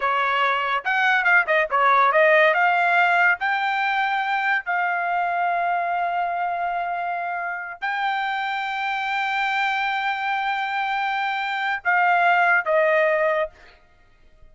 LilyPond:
\new Staff \with { instrumentName = "trumpet" } { \time 4/4 \tempo 4 = 142 cis''2 fis''4 f''8 dis''8 | cis''4 dis''4 f''2 | g''2. f''4~ | f''1~ |
f''2~ f''8 g''4.~ | g''1~ | g''1 | f''2 dis''2 | }